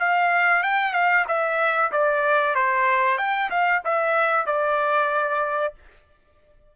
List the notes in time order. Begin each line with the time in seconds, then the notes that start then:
0.00 F5
0.64 G5
0.94 F5
1.28 E5
1.92 D5
2.56 C5
3.18 G5
3.50 F5
3.85 E5
4.47 D5